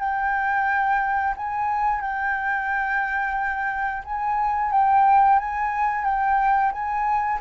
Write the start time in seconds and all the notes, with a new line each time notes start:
0.00 G5
1.37 G#5
2.01 G5
4.05 G#5
4.72 G5
5.39 G#5
6.05 G5
6.73 G#5